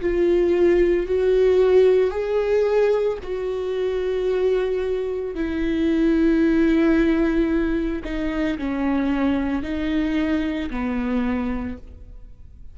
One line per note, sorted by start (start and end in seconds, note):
0.00 1.06 F4
1.06 2.10 F#4
2.10 3.18 G#4
3.22 5.35 F#4
5.35 8.03 E4
8.04 8.57 D#4
8.58 9.62 C#4
9.62 10.69 D#4
10.70 11.77 B3